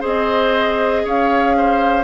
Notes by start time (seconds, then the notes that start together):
0.00 C4 G#4 C5 D#5
1.05 C#4 C#5 F5
1.57 C5